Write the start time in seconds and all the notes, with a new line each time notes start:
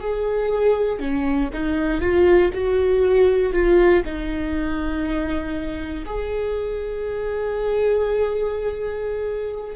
0.00 G#4
1.00 C#4
1.53 D#4
2.01 F4
2.54 F#4
3.53 F4
4.05 D#4
6.05 G#4